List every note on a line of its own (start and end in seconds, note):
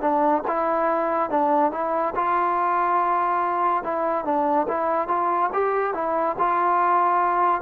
0.00 0.42 D4
0.47 1.29 E4
1.29 1.71 D4
1.71 2.14 E4
2.15 3.83 F4
3.83 4.24 E4
4.24 4.67 D4
4.67 5.07 E4
5.07 5.50 F4
5.52 5.93 G4
5.93 6.36 E4
6.38 7.61 F4